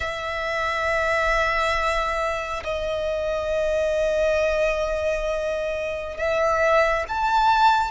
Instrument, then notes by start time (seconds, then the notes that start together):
violin
0.00 E5
2.64 D#5
6.17 E5
7.08 A5